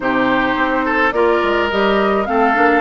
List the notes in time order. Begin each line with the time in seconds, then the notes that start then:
0.00 C3 D#4 G4 C5
0.55 C4
0.85 A4
1.11 A#3 F4 A#4 D5
1.43 G#3
1.69 G3 G4 D#5
2.25 A3 C4 A4 F5
2.54 A#3 D4